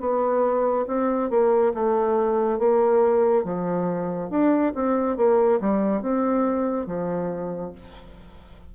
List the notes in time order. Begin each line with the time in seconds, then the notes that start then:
0.00 B3
0.87 C4
1.30 A#3
1.74 A3
2.59 A#3
3.44 F3
4.30 D4
4.75 C4
5.17 A#3
5.61 G3
6.02 C4
6.86 F3